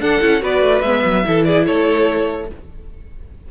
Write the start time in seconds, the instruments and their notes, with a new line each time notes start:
0.00 cello D4, viola D4, violin A4 F#5
0.21 cello C#4, viola E4
0.40 cello B3, viola F#4, violin B4 D5
0.62 cello A3
0.81 cello G#3, viola B3, violin E5
1.05 cello F#3
1.24 cello E3, viola E4, violin A4
1.45 violin G#4 D5
1.66 cello A3, violin A4 C#5